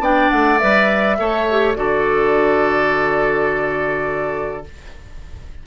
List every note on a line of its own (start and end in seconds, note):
0.00 0.29 B3
0.00 0.60 D4
0.00 1.17 D5
0.00 0.30 G5
0.30 0.62 A3
0.30 0.59 F#5
0.59 1.19 G3
0.59 1.18 B4
0.59 1.74 E5
1.18 1.77 A3
1.18 1.47 A4
1.18 1.78 C#5
1.51 1.75 G4
1.75 4.65 D3
1.75 4.64 F#4
1.75 4.67 A4
1.75 4.64 D5